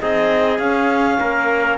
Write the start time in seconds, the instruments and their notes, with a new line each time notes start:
0.00 cello C4, trombone D#4, trumpet G#4, clarinet D#5
0.58 cello C#4, trombone C#4, clarinet F5
1.20 cello A#3, trumpet A#4